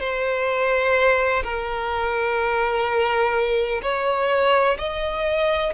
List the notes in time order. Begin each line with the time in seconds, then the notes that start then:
0.00 C5
1.43 A#4
3.82 C#5
4.78 D#5